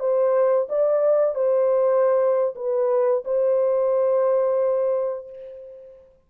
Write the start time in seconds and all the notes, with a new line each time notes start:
0.00 C5
0.69 D5
1.35 C5
2.56 B4
3.25 C5